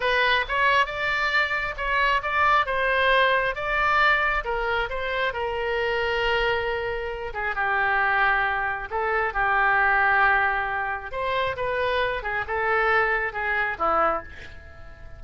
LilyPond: \new Staff \with { instrumentName = "oboe" } { \time 4/4 \tempo 4 = 135 b'4 cis''4 d''2 | cis''4 d''4 c''2 | d''2 ais'4 c''4 | ais'1~ |
ais'8 gis'8 g'2. | a'4 g'2.~ | g'4 c''4 b'4. gis'8 | a'2 gis'4 e'4 | }